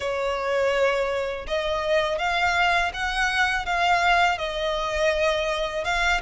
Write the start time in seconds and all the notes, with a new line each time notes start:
0.00 C#5
1.47 D#5
2.18 F5
2.93 F#5
3.65 F5
4.37 D#5
5.84 F5